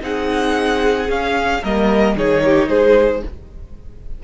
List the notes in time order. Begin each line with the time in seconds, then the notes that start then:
0.00 C4 D#4 G#4 F#5
1.08 C#4 F5
1.62 G3 A#3 A#4 D#5
2.16 D#3 D#4 G#4 C#5
2.44 G4
2.69 G#3 G#4 C5